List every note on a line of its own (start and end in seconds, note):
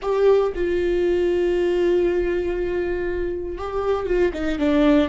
0.01 0.52 G4
0.54 3.57 F4
3.57 4.06 G4
4.06 4.31 F4
4.33 4.59 D#4
4.59 5.08 D4